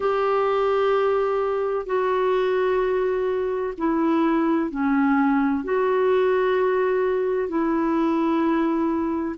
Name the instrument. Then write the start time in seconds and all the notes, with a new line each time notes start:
clarinet
0.00 G4
1.85 F#4
3.78 E4
4.70 C#4
5.63 F#4
7.48 E4